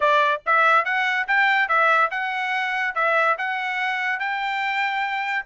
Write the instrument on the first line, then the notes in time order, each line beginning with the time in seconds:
trumpet
0.00 D5
0.46 E5
0.84 F#5
1.27 G5
1.68 E5
2.11 F#5
2.94 E5
3.38 F#5
4.19 G5